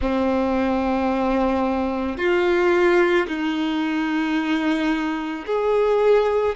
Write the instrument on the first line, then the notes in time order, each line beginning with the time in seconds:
violin
0.01 C4
2.17 F4
3.27 D#4
5.46 G#4